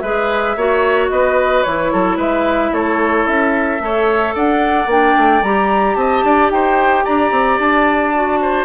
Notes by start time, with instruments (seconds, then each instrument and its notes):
0.00 bassoon G#3, clarinet G#4, oboe B4, flute E5
0.56 bassoon A#3, clarinet F#4, oboe C#5
1.09 bassoon B3, oboe B4, flute D#5
1.63 bassoon E3, clarinet E4, flute C#5
1.93 bassoon F#3, oboe A4
2.17 bassoon G#3, oboe B4, flute E5
2.72 bassoon A3, oboe A4, flute C#5
3.27 bassoon C#4, flute E5
3.80 bassoon A3, clarinet A4, oboe C#5
4.35 bassoon D4, oboe D5, flute F#5
4.87 bassoon A#3, clarinet D4, flute G5
5.17 bassoon A3
5.43 bassoon G3, clarinet G4, flute A#5
5.96 bassoon C4, oboe D#5, flute A5
6.24 bassoon D4, oboe D5
6.51 bassoon D#4, oboe C5, flute G5
7.05 bassoon D4, oboe D5, flute A#5
7.31 bassoon C4
7.59 bassoon D4, flute A5
8.15 clarinet F#4
8.42 oboe C5